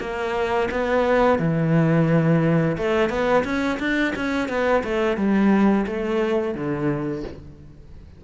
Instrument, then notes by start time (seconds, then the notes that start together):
cello
0.00 A#3
0.71 B3
1.39 E3
2.77 A3
3.09 B3
3.44 C#4
3.79 D4
4.16 C#4
4.48 B3
4.84 A3
5.17 G3
5.87 A3
6.55 D3